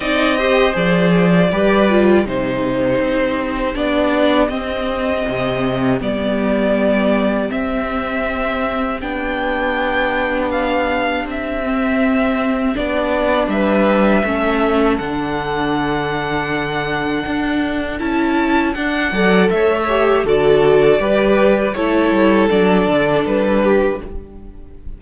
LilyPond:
<<
  \new Staff \with { instrumentName = "violin" } { \time 4/4 \tempo 4 = 80 dis''4 d''2 c''4~ | c''4 d''4 dis''2 | d''2 e''2 | g''2 f''4 e''4~ |
e''4 d''4 e''2 | fis''1 | a''4 fis''4 e''4 d''4~ | d''4 cis''4 d''4 b'4 | }
  \new Staff \with { instrumentName = "violin" } { \time 4/4 d''8 c''4. b'4 g'4~ | g'1~ | g'1~ | g'1~ |
g'2 b'4 a'4~ | a'1~ | a'4. d''8 cis''4 a'4 | b'4 a'2~ a'8 g'8 | }
  \new Staff \with { instrumentName = "viola" } { \time 4/4 dis'8 g'8 gis'4 g'8 f'8 dis'4~ | dis'4 d'4 c'2 | b2 c'2 | d'2.~ d'8 c'8~ |
c'4 d'2 cis'4 | d'1 | e'4 d'8 a'4 g'8 fis'4 | g'4 e'4 d'2 | }
  \new Staff \with { instrumentName = "cello" } { \time 4/4 c'4 f4 g4 c4 | c'4 b4 c'4 c4 | g2 c'2 | b2. c'4~ |
c'4 b4 g4 a4 | d2. d'4 | cis'4 d'8 fis8 a4 d4 | g4 a8 g8 fis8 d8 g4 | }
>>